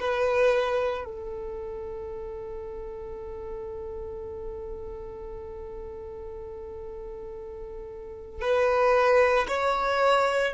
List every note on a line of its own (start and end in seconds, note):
0.00 1.05 B4
1.05 8.42 A4
8.42 9.47 B4
9.48 10.54 C#5